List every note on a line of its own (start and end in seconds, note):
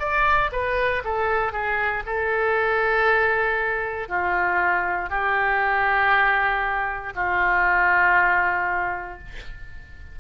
0.00 0.51 D5
0.52 1.03 B4
1.05 1.53 A4
1.53 2.03 G#4
2.06 4.09 A4
4.09 5.10 F4
5.10 7.14 G4
7.16 9.19 F4